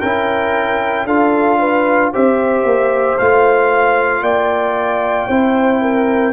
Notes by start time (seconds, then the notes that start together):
0.00 C#4 E4 A#4 G5
1.05 D4 F4 A4 F5
1.59 B4
2.12 C4 G4 C5 E5
2.63 A#3
3.18 A3 F4 F5
4.21 A#3 D5 G5
5.28 C4 E4 C5
5.81 A#4